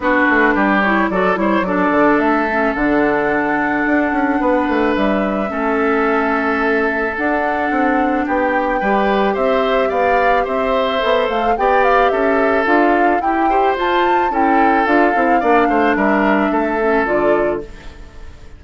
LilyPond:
<<
  \new Staff \with { instrumentName = "flute" } { \time 4/4 \tempo 4 = 109 b'4. cis''8 d''8 cis''8 d''4 | e''4 fis''2.~ | fis''4 e''2.~ | e''4 fis''2 g''4~ |
g''4 e''4 f''4 e''4~ | e''8 f''8 g''8 f''8 e''4 f''4 | g''4 a''4 g''4 f''4~ | f''4 e''2 d''4 | }
  \new Staff \with { instrumentName = "oboe" } { \time 4/4 fis'4 g'4 a'8 c''8 a'4~ | a'1 | b'2 a'2~ | a'2. g'4 |
b'4 c''4 d''4 c''4~ | c''4 d''4 a'2 | g'8 c''4. a'2 | d''8 c''8 ais'4 a'2 | }
  \new Staff \with { instrumentName = "clarinet" } { \time 4/4 d'4. e'8 fis'8 e'8 d'4~ | d'8 cis'8 d'2.~ | d'2 cis'2~ | cis'4 d'2. |
g'1 | a'4 g'2 f'4 | e'8 g'8 f'4 e'4 f'8 e'8 | d'2~ d'8 cis'8 f'4 | }
  \new Staff \with { instrumentName = "bassoon" } { \time 4/4 b8 a8 g4 fis8 g8 fis8 d8 | a4 d2 d'8 cis'8 | b8 a8 g4 a2~ | a4 d'4 c'4 b4 |
g4 c'4 b4 c'4 | b8 a8 b4 cis'4 d'4 | e'4 f'4 cis'4 d'8 c'8 | ais8 a8 g4 a4 d4 | }
>>